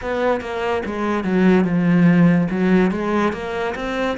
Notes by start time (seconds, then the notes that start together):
0.01 B3
0.41 A#3
0.85 G#3
1.23 F#3
1.64 F3
2.50 F#3
2.91 G#3
3.33 A#3
3.75 C4